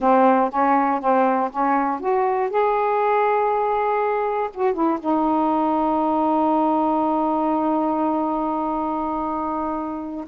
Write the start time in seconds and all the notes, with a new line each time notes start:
0.00 C4
0.50 C#4
1.00 C4
1.50 C#4
2.00 F#4
2.50 G#4
4.54 F#4
4.73 E4
5.00 D#4